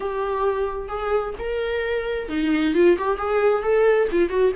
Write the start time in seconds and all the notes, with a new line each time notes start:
0.00 G4
0.88 G#4
1.39 A#4
2.29 D#4
2.74 F4
2.98 G4
3.17 G#4
3.62 A4
4.11 F4
4.29 F#4